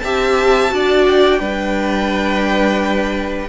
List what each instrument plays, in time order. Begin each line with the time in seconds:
0.00 cello C4, viola G4, violin E5 A5
0.70 cello D4, viola F#4, violin D5
1.07 violin G5
1.40 cello G3, viola D4, violin B4